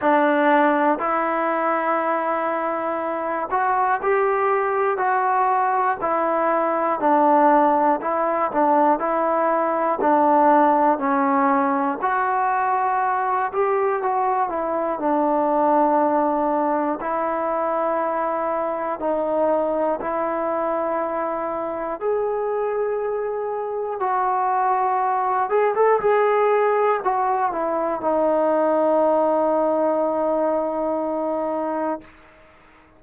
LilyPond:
\new Staff \with { instrumentName = "trombone" } { \time 4/4 \tempo 4 = 60 d'4 e'2~ e'8 fis'8 | g'4 fis'4 e'4 d'4 | e'8 d'8 e'4 d'4 cis'4 | fis'4. g'8 fis'8 e'8 d'4~ |
d'4 e'2 dis'4 | e'2 gis'2 | fis'4. gis'16 a'16 gis'4 fis'8 e'8 | dis'1 | }